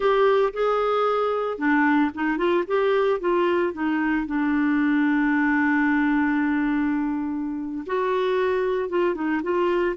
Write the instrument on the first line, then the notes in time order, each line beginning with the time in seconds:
clarinet
0.00 G4
0.53 G#4
1.57 D4
2.14 D#4
2.37 F4
2.67 G4
3.20 F4
3.73 D#4
4.26 D4
7.86 F#4
8.89 F4
9.14 D#4
9.42 F4